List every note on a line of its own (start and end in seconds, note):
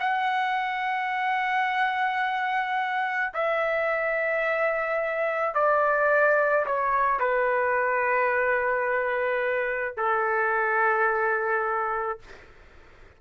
0.00 3.33 F#5
3.34 5.55 E5
5.55 6.66 D5
6.66 7.20 C#5
7.20 9.97 B4
9.97 12.19 A4